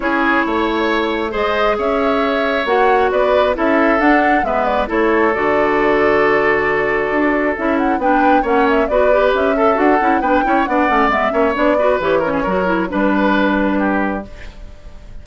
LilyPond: <<
  \new Staff \with { instrumentName = "flute" } { \time 4/4 \tempo 4 = 135 cis''2. dis''4 | e''2 fis''4 d''4 | e''4 fis''4 e''8 d''8 cis''4 | d''1~ |
d''4 e''8 fis''8 g''4 fis''8 e''8 | d''4 e''4 fis''4 g''4 | fis''4 e''4 d''4 cis''4~ | cis''4 b'2. | }
  \new Staff \with { instrumentName = "oboe" } { \time 4/4 gis'4 cis''2 c''4 | cis''2. b'4 | a'2 b'4 a'4~ | a'1~ |
a'2 b'4 cis''4 | b'4. a'4. b'8 cis''8 | d''4. cis''4 b'4 ais'16 gis'16 | ais'4 b'2 g'4 | }
  \new Staff \with { instrumentName = "clarinet" } { \time 4/4 e'2. gis'4~ | gis'2 fis'2 | e'4 d'4 b4 e'4 | fis'1~ |
fis'4 e'4 d'4 cis'4 | fis'8 g'4 a'8 fis'8 e'8 d'8 e'8 | d'8 cis'8 b8 cis'8 d'8 fis'8 g'8 cis'8 | fis'8 e'8 d'2. | }
  \new Staff \with { instrumentName = "bassoon" } { \time 4/4 cis'4 a2 gis4 | cis'2 ais4 b4 | cis'4 d'4 gis4 a4 | d1 |
d'4 cis'4 b4 ais4 | b4 cis'4 d'8 cis'8 b8 cis'8 | b8 a8 gis8 ais8 b4 e4 | fis4 g2. | }
>>